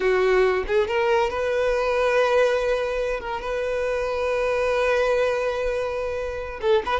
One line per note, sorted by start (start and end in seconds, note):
0.00 0.64 F#4
0.67 0.87 G#4
0.87 1.30 A#4
1.30 3.20 B4
3.20 3.41 A#4
3.41 6.60 B4
6.61 6.82 A4
6.85 7.00 B4